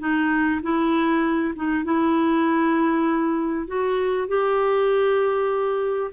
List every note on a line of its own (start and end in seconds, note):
0.00 0.61 D#4
0.63 1.54 E4
1.56 1.85 D#4
1.85 3.68 E4
3.68 4.28 F#4
4.28 6.12 G4